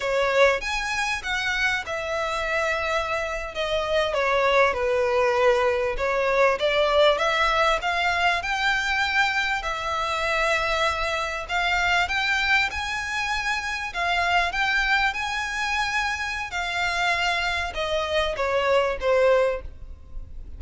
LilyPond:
\new Staff \with { instrumentName = "violin" } { \time 4/4 \tempo 4 = 98 cis''4 gis''4 fis''4 e''4~ | e''4.~ e''16 dis''4 cis''4 b'16~ | b'4.~ b'16 cis''4 d''4 e''16~ | e''8. f''4 g''2 e''16~ |
e''2~ e''8. f''4 g''16~ | g''8. gis''2 f''4 g''16~ | g''8. gis''2~ gis''16 f''4~ | f''4 dis''4 cis''4 c''4 | }